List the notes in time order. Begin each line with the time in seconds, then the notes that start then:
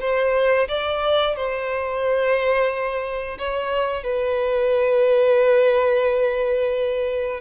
0.00 C5
0.68 D5
1.35 C5
3.38 C#5
4.03 B4